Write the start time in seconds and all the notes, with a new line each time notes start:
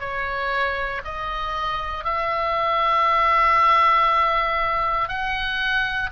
0.00 C#5
1.04 D#5
2.04 E5
5.08 F#5